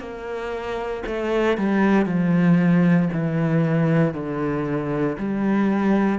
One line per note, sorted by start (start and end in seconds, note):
0.00 1.03 A#3
1.07 1.58 A3
1.58 2.06 G3
2.06 3.09 F3
3.13 4.14 E3
4.14 5.17 D3
5.19 6.19 G3